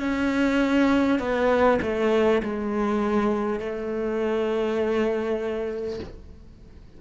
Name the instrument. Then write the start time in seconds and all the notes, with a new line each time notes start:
cello
0.00 C#4
1.19 B3
1.82 A3
2.43 G#3
3.59 A3